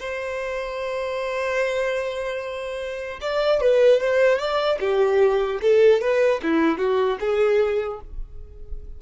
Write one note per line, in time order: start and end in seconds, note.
0.00 3.20 C5
3.21 3.61 D5
3.61 4.01 B4
4.01 4.39 C5
4.39 4.79 D5
4.80 5.60 G4
5.62 6.01 A4
6.01 6.41 B4
6.43 6.79 E4
6.79 7.19 F#4
7.20 8.00 G#4